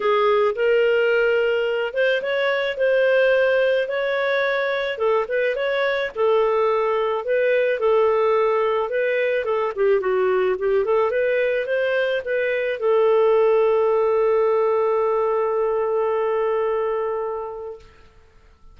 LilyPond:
\new Staff \with { instrumentName = "clarinet" } { \time 4/4 \tempo 4 = 108 gis'4 ais'2~ ais'8 c''8 | cis''4 c''2 cis''4~ | cis''4 a'8 b'8 cis''4 a'4~ | a'4 b'4 a'2 |
b'4 a'8 g'8 fis'4 g'8 a'8 | b'4 c''4 b'4 a'4~ | a'1~ | a'1 | }